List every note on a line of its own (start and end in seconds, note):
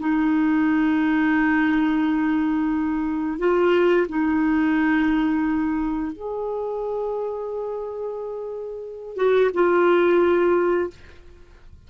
0.00 3.39 D#4
3.39 4.07 F4
4.09 6.13 D#4
6.13 9.17 G#4
9.17 9.51 F#4
9.54 10.91 F4